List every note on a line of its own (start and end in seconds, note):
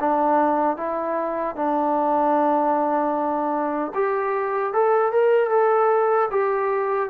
0.00 0.77 D4
0.77 1.56 E4
1.56 3.93 D4
3.95 4.73 G4
4.73 5.12 A4
5.12 5.50 A#4
5.50 6.29 A4
6.31 7.10 G4